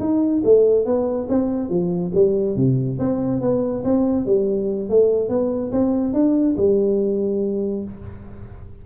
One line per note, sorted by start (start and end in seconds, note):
0.00 0.42 D#4
0.44 0.85 A3
0.85 1.28 B3
1.29 1.69 C4
1.69 2.12 F3
2.14 2.56 G3
2.56 2.98 C3
2.99 3.41 C4
3.41 3.84 B3
3.84 4.26 C4
4.26 4.89 G3
4.90 5.29 A3
5.29 5.72 B3
5.72 6.13 C4
6.13 6.56 D4
6.57 7.84 G3